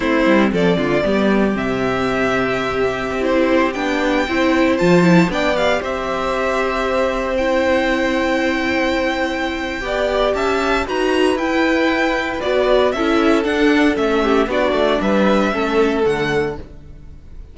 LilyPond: <<
  \new Staff \with { instrumentName = "violin" } { \time 4/4 \tempo 4 = 116 c''4 d''2 e''4~ | e''2~ e''16 c''4 g''8.~ | g''4~ g''16 a''4 g''8 f''8 e''8.~ | e''2~ e''16 g''4.~ g''16~ |
g''1 | a''4 ais''4 g''2 | d''4 e''4 fis''4 e''4 | d''4 e''2 fis''4 | }
  \new Staff \with { instrumentName = "violin" } { \time 4/4 e'4 a'8 f'8 g'2~ | g'1~ | g'16 c''2 d''4 c''8.~ | c''1~ |
c''2. d''4 | e''4 b'2.~ | b'4 a'2~ a'8 g'8 | fis'4 b'4 a'2 | }
  \new Staff \with { instrumentName = "viola" } { \time 4/4 c'2 b4 c'4~ | c'2~ c'16 e'4 d'8.~ | d'16 e'4 f'8 e'8 d'8 g'4~ g'16~ | g'2~ g'16 e'4.~ e'16~ |
e'2. g'4~ | g'4 fis'4 e'2 | fis'4 e'4 d'4 cis'4 | d'2 cis'4 a4 | }
  \new Staff \with { instrumentName = "cello" } { \time 4/4 a8 g8 f8 d8 g4 c4~ | c2 c'4~ c'16 b8.~ | b16 c'4 f4 b4 c'8.~ | c'1~ |
c'2. b4 | cis'4 dis'4 e'2 | b4 cis'4 d'4 a4 | b8 a8 g4 a4 d4 | }
>>